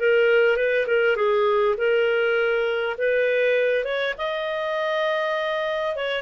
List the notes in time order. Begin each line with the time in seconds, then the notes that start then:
0.00 A#4
0.57 B4
0.87 A#4
1.16 G#4
1.78 A#4
2.98 B4
3.85 C#5
4.18 D#5
5.96 C#5